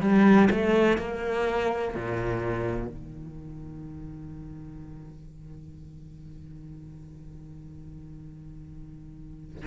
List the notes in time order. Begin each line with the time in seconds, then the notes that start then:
0.00 G3
0.50 A3
0.98 A#3
1.94 A#2
2.87 D#3